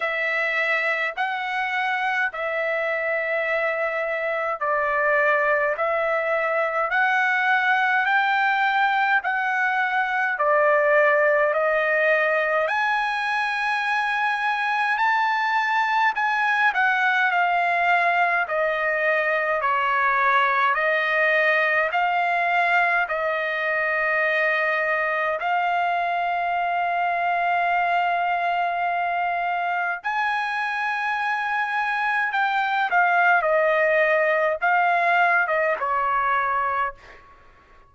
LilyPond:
\new Staff \with { instrumentName = "trumpet" } { \time 4/4 \tempo 4 = 52 e''4 fis''4 e''2 | d''4 e''4 fis''4 g''4 | fis''4 d''4 dis''4 gis''4~ | gis''4 a''4 gis''8 fis''8 f''4 |
dis''4 cis''4 dis''4 f''4 | dis''2 f''2~ | f''2 gis''2 | g''8 f''8 dis''4 f''8. dis''16 cis''4 | }